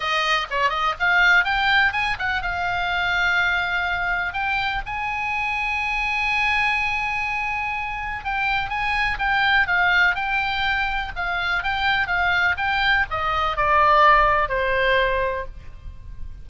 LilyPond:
\new Staff \with { instrumentName = "oboe" } { \time 4/4 \tempo 4 = 124 dis''4 cis''8 dis''8 f''4 g''4 | gis''8 fis''8 f''2.~ | f''4 g''4 gis''2~ | gis''1~ |
gis''4 g''4 gis''4 g''4 | f''4 g''2 f''4 | g''4 f''4 g''4 dis''4 | d''2 c''2 | }